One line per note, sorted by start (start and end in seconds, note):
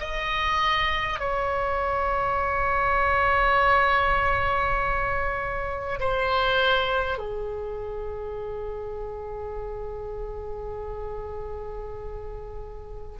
0.00 1.19 D#5
1.19 5.99 C#5
5.99 7.18 C5
7.18 13.18 G#4